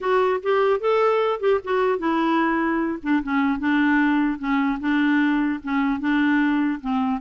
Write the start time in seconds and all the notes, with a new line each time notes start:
0.01 F#4
0.43 G4
0.79 A4
1.39 G4
1.64 F#4
1.98 E4
3.03 D4
3.23 C#4
3.59 D4
4.38 C#4
4.80 D4
5.63 C#4
6.00 D4
6.81 C4